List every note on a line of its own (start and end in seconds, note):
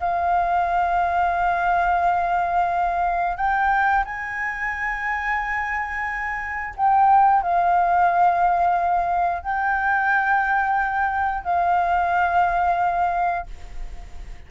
0.00 3.37 F5
3.37 4.04 G5
4.05 6.75 G#5
6.77 7.43 G5
7.43 9.43 F5
9.43 11.44 G5
11.44 13.46 F5